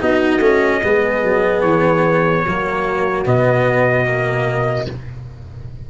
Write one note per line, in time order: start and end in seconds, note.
0.00 0.38 B3
0.00 0.41 D#4
0.00 0.81 F#4
0.00 1.61 D#5
0.38 0.79 A3
0.38 0.82 C#4
0.83 1.23 G#3
0.83 2.45 B3
0.83 2.46 G#4
1.23 1.62 F#3
1.61 2.43 E3
1.61 3.23 C#5
2.46 3.26 F#3
2.46 3.25 A#3
2.46 4.90 F#4
3.25 4.88 B2
3.25 4.05 B3
3.25 4.89 D#5
4.05 4.86 A#3